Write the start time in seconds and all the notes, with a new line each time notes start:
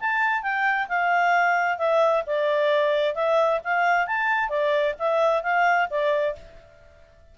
0.00 A5
0.42 G5
0.88 F5
1.78 E5
2.26 D5
3.15 E5
3.64 F5
4.07 A5
4.49 D5
4.99 E5
5.43 F5
5.90 D5